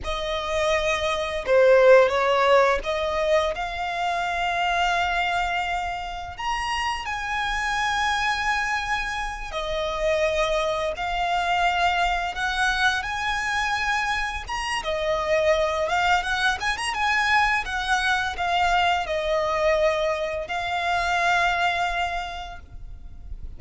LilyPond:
\new Staff \with { instrumentName = "violin" } { \time 4/4 \tempo 4 = 85 dis''2 c''4 cis''4 | dis''4 f''2.~ | f''4 ais''4 gis''2~ | gis''4. dis''2 f''8~ |
f''4. fis''4 gis''4.~ | gis''8 ais''8 dis''4. f''8 fis''8 gis''16 ais''16 | gis''4 fis''4 f''4 dis''4~ | dis''4 f''2. | }